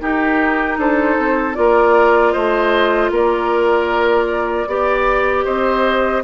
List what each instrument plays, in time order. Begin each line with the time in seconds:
0.00 clarinet D#4, bassoon D#4, oboe G4, flute A#4
0.77 bassoon D4, oboe A4, flute C5
1.18 bassoon C4
1.54 bassoon A#3, clarinet F4, oboe A#4, flute D5
2.32 bassoon A3, oboe C5, flute D#5
3.10 bassoon A#3, oboe A#4, flute D5
4.66 bassoon B3, clarinet G4, oboe D5
5.44 bassoon C4, oboe C5, flute D#5